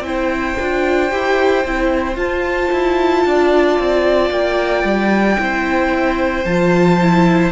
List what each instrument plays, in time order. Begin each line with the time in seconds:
0.00 cello C4, viola E4, violin G5
0.06 violin C5
0.59 cello D4, viola F4
1.11 cello E4, viola G4
1.64 cello C4, viola E4
2.16 cello F4, viola F4, violin A5
2.72 cello E4
3.25 cello D4, violin D5
3.79 cello C4
4.30 cello A#3, violin G5
4.83 cello G3
5.37 cello C4, viola E4, violin C5
6.45 cello F3, viola F4, violin A5
7.00 viola E4